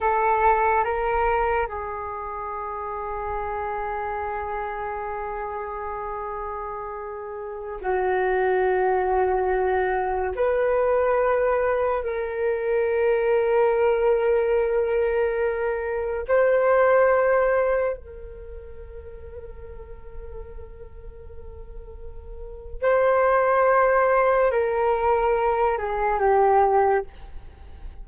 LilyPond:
\new Staff \with { instrumentName = "flute" } { \time 4/4 \tempo 4 = 71 a'4 ais'4 gis'2~ | gis'1~ | gis'4~ gis'16 fis'2~ fis'8.~ | fis'16 b'2 ais'4.~ ais'16~ |
ais'2.~ ais'16 c''8.~ | c''4~ c''16 ais'2~ ais'8.~ | ais'2. c''4~ | c''4 ais'4. gis'8 g'4 | }